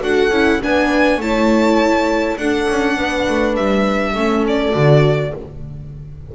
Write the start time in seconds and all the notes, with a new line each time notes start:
0.00 D4 F#4 A4 F#5
0.30 C#4 E4
0.62 B3 D4 B4 G#5
1.17 A3 E4 C#5 A5
2.37 D4 A4 F#5
2.69 C#4
2.96 B3 B4
3.28 A3
3.56 G3 E5
4.12 A3 C#4 A4
4.47 D5
4.71 D3 F#4